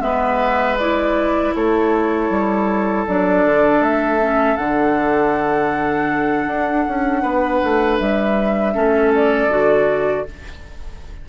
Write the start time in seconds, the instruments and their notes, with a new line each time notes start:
0.00 bassoon G#3, clarinet B3, oboe B4, flute E5
0.78 clarinet E4, flute D5
1.55 bassoon A3, oboe A4, flute C#5
2.30 bassoon G3
3.07 bassoon F#3, clarinet D4, flute D5
3.45 bassoon D3
3.81 bassoon A3, flute E5
4.21 clarinet C#4
4.57 bassoon D3, clarinet D4, flute F#5
6.47 bassoon D4
6.88 bassoon C#4
7.22 bassoon B3, oboe B4
7.63 bassoon A3
7.99 bassoon G3, flute E5
8.74 bassoon A3, clarinet C#4, oboe A4
9.15 flute D5
9.48 bassoon D3, clarinet F#4